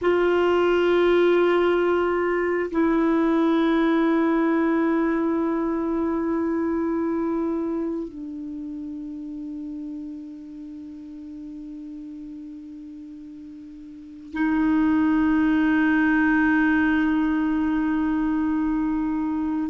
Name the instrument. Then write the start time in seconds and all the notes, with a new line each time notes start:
clarinet
0.01 F4
2.71 E4
8.08 D4
14.32 D#4